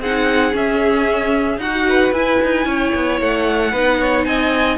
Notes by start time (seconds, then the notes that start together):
0.00 C4 D#4 G#4 F#5
0.52 C#4 E5
1.58 D#4 F#4 F#5
1.87 B4
2.12 E4 G#5
2.43 D#4
2.65 C#4 C#5
2.94 B3
3.21 A3 F#5
3.71 B3 D#4 B4
4.00 C#5
4.24 C4 D#5 G#5